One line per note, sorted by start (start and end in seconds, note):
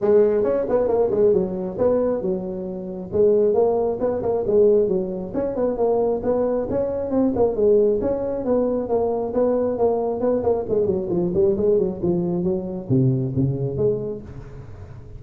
0.01 0.43 G#3
0.43 0.65 C#4
0.69 0.88 B3
0.88 1.10 A#3
1.11 1.33 G#3
1.33 1.77 F#3
1.77 2.21 B3
2.21 3.10 F#3
3.12 3.54 G#3
3.54 3.98 A#3
4.00 4.22 B3
4.22 4.44 A#3
4.46 4.87 G#3
4.87 5.32 F#3
5.33 5.55 C#4
5.55 5.77 B3
5.77 6.21 A#3
6.23 6.67 B3
6.70 7.10 C#4
7.10 7.32 C4
7.35 7.55 A#3
7.55 8.00 G#3
8.01 8.44 C#4
8.44 8.88 B3
8.88 9.33 A#3
9.33 9.77 B3
9.77 10.20 A#3
10.20 10.42 B3
10.43 10.65 A#3
10.68 10.86 G#3
10.86 11.08 F#3
11.10 11.32 F3
11.34 11.56 G3
11.57 11.78 G#3
11.78 12.00 F#3
12.02 12.43 F3
12.43 12.87 F#3
12.89 13.33 C3
13.35 13.77 C#3
13.77 14.21 G#3